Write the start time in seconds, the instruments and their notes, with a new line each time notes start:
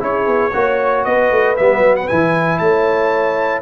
0.00 tuba C#4, trombone E4, horn G#4, trumpet C#5
0.27 tuba B3
0.53 tuba A#3, trombone F#4, horn C#5
1.04 tuba B3, horn B4, trumpet D#5
1.31 tuba A3
1.57 tuba G3, trombone B3, trumpet E5
1.79 tuba F#3
1.96 trumpet F#5
2.08 tuba E3, trombone E4, trumpet G#5
2.59 tuba A3, horn C#5, trumpet A5